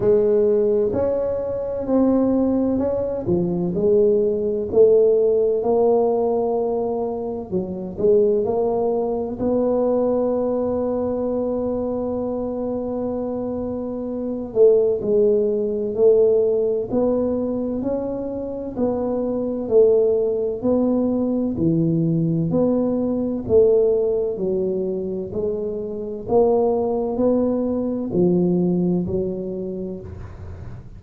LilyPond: \new Staff \with { instrumentName = "tuba" } { \time 4/4 \tempo 4 = 64 gis4 cis'4 c'4 cis'8 f8 | gis4 a4 ais2 | fis8 gis8 ais4 b2~ | b2.~ b8 a8 |
gis4 a4 b4 cis'4 | b4 a4 b4 e4 | b4 a4 fis4 gis4 | ais4 b4 f4 fis4 | }